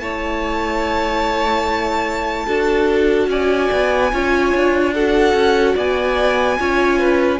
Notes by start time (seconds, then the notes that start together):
0.00 A3 E4 C#5 A5
2.47 D4 F#4 A4
3.28 C#4 D5 G#5
3.73 B3
4.12 C#4 F4 C#5
4.55 D4
4.94 F#4 A4 F#5
5.34 C#4
5.76 B3 D5 G#5
6.59 C#4 F4 C#5
6.99 B4